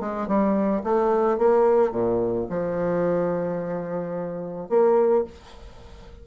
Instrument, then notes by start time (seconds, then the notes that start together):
bassoon
0.00 G#3
0.28 G3
0.84 A3
1.38 A#3
1.92 A#2
2.49 F3
4.69 A#3